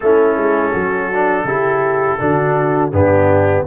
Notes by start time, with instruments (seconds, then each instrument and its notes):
0.00 tuba A3, trombone C#4, horn E4, trumpet A4
0.36 tuba G#3
0.71 tuba F#3, horn F#4
1.13 trombone D4
1.44 tuba C#3, trombone E4, horn G4
2.18 tuba D3, trombone D4, horn F#4
2.92 tuba G2, trombone B3, horn D4, trumpet G4